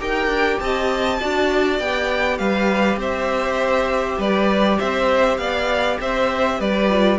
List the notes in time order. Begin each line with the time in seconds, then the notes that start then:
0.00 D#4 G4 A#4 G5
0.27 D4
0.60 C4 D#5 A5
1.19 D4 F#4 D5
1.79 B3 G4 G5
2.38 G3 B4 F5
2.97 C4 C5 E5
4.18 G3 B4 D5
4.80 C4 C5 E5
5.38 B3 D5 F5
6.01 C4 C5 E5
6.59 G3 B4 D5
6.90 F4